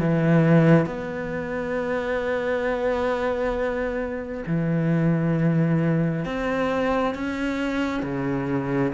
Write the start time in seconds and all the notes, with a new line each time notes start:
0.00 E3
0.86 B3
4.47 E3
6.25 C4
7.15 C#4
8.03 C#3